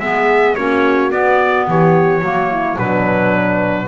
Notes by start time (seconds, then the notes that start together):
0.00 G#3 B3 G#4 E5
0.55 A#3 C#4 F#4 C#5
1.11 B3 D5
1.68 E3 G4 C#5
2.22 F#3 A#3 F#4
2.51 E4
2.78 B2 F#3 D4 B4